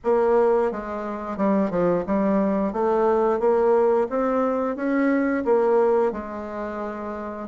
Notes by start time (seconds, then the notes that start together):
0.04 A#3
0.71 G#3
1.37 G3
1.70 F3
2.06 G3
2.72 A3
3.39 A#3
4.09 C4
4.75 C#4
5.45 A#3
6.12 G#3